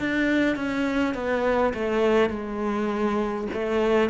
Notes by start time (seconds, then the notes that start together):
0.00 D4
0.56 C#4
1.15 B3
1.74 A3
2.30 G#3
3.53 A3